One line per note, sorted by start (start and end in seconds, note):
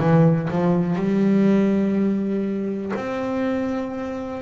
0.00 0.49 E3
0.51 0.96 F3
0.96 2.93 G3
2.96 4.42 C4